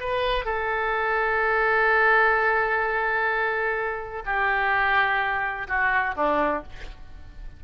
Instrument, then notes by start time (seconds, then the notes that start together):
oboe
0.00 B4
0.45 A4
4.26 G4
5.68 F#4
6.16 D4